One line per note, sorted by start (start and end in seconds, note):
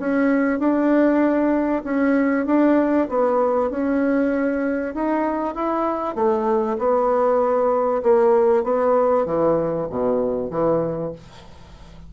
0.00 0.60 C#4
0.60 1.83 D4
1.84 2.46 C#4
2.47 3.08 D4
3.09 3.71 B3
3.71 4.95 C#4
4.95 5.56 D#4
5.56 6.16 E4
6.16 6.78 A3
6.79 8.03 B3
8.03 8.64 A#3
8.64 9.26 B3
9.26 9.88 E3
9.90 10.51 B2
10.51 11.13 E3